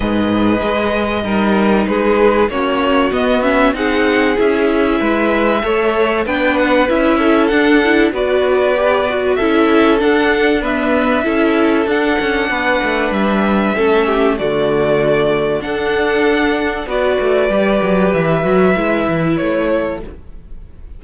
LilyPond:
<<
  \new Staff \with { instrumentName = "violin" } { \time 4/4 \tempo 4 = 96 dis''2. b'4 | cis''4 dis''8 e''8 fis''4 e''4~ | e''2 g''8 fis''8 e''4 | fis''4 d''2 e''4 |
fis''4 e''2 fis''4~ | fis''4 e''2 d''4~ | d''4 fis''2 d''4~ | d''4 e''2 cis''4 | }
  \new Staff \with { instrumentName = "violin" } { \time 4/4 b'2 ais'4 gis'4 | fis'2 gis'2 | b'4 cis''4 b'4. a'8~ | a'4 b'2 a'4~ |
a'4 b'4 a'2 | b'2 a'8 g'8 fis'4~ | fis'4 a'2 b'4~ | b'2.~ b'8 a'8 | }
  \new Staff \with { instrumentName = "viola" } { \time 4/4 gis'2 dis'2 | cis'4 b8 cis'8 dis'4 e'4~ | e'4 a'4 d'4 e'4 | d'8 e'8 fis'4 g'8 fis'8 e'4 |
d'4 b4 e'4 d'4~ | d'2 cis'4 a4~ | a4 d'2 fis'4 | g'4. fis'8 e'2 | }
  \new Staff \with { instrumentName = "cello" } { \time 4/4 gis,4 gis4 g4 gis4 | ais4 b4 c'4 cis'4 | gis4 a4 b4 cis'4 | d'4 b2 cis'4 |
d'2 cis'4 d'8 cis'8 | b8 a8 g4 a4 d4~ | d4 d'2 b8 a8 | g8 fis8 e8 fis8 gis8 e8 a4 | }
>>